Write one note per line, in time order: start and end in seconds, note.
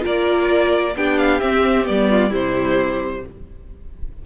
0.00 0.95 A#3
0.00 0.92 F4
0.00 0.95 A#4
0.00 0.97 D5
0.95 1.41 B3
0.95 1.40 D4
0.95 2.10 G4
0.95 1.18 G5
1.18 1.40 F5
1.40 1.84 C4
1.40 1.88 C4
1.40 1.85 E5
1.84 2.32 G3
1.84 2.30 B3
1.84 2.32 D5
2.10 2.29 F4
2.29 3.23 C3
2.29 3.21 G3
2.29 3.21 E4
2.29 3.25 C5